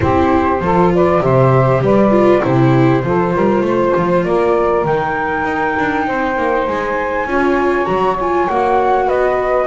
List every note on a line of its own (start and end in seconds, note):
0.00 0.60 C4
0.00 0.58 E4
0.00 0.63 G4
0.00 0.90 C5
0.60 1.21 F3
0.60 1.21 F4
0.60 0.93 A4
0.94 1.22 B4
0.94 1.22 D5
1.21 1.80 C3
1.21 2.10 G4
1.21 1.83 C5
1.21 1.82 E5
1.80 2.41 G3
1.80 2.42 B4
1.80 2.44 D5
2.10 2.41 F4
2.41 3.03 C3
2.41 3.02 E4
2.41 3.03 G4
2.41 4.24 C5
3.03 3.33 F3
3.03 4.85 F4
3.03 3.33 A4
3.33 3.61 G3
3.33 3.64 A#4
3.61 3.91 A3
3.61 4.25 C5
3.96 4.25 F3
4.24 4.84 A#3
4.24 6.06 A#4
4.24 4.84 D5
4.84 5.43 D#3
4.84 7.28 D#4
4.84 6.67 G5
5.43 5.74 D#4
5.78 6.07 D4
6.06 6.37 C4
6.06 7.28 C5
6.37 6.67 A#3
6.67 7.25 G#3
6.67 7.85 G#5
7.25 7.86 C#4
7.25 7.85 F4
7.25 9.05 C#5
7.85 8.48 F#3
7.85 8.15 F#4
7.85 8.15 A#5
8.20 8.50 F4
8.20 8.48 G#5
8.48 9.08 A#3
8.48 9.67 F#4
8.48 9.08 F#5
9.05 9.67 B3
9.05 9.66 B4
9.05 9.67 D#5